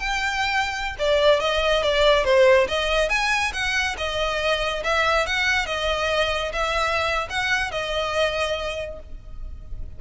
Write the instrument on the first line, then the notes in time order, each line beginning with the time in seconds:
violin
0.00 G5
0.99 D5
1.40 D#5
1.83 D5
2.25 C5
2.68 D#5
3.10 G#5
3.53 F#5
3.98 D#5
4.84 E5
5.27 F#5
5.66 D#5
6.53 E5
7.30 F#5
7.71 D#5